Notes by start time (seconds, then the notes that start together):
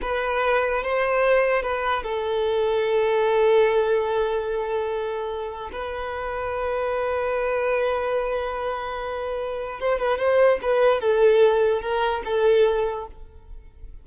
0.01 B4
0.83 C5
1.62 B4
2.03 A4
5.72 B4
9.80 C5
9.99 B4
10.18 C5
10.62 B4
11.01 A4
11.81 A#4
12.24 A4